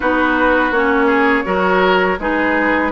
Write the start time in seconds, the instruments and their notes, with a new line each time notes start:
0.00 bassoon B3, clarinet D#4, oboe F#4, flute B4
0.71 bassoon A#3, clarinet C#4, flute C#5
1.06 oboe G#4
1.44 bassoon F#3, clarinet F#4, oboe A#4
2.18 bassoon G#3, clarinet D#4, oboe G#4, flute B4